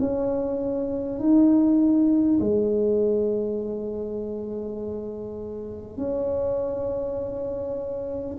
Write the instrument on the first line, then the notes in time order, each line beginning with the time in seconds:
tuba
0.00 C#4
1.20 D#4
2.41 G#3
5.98 C#4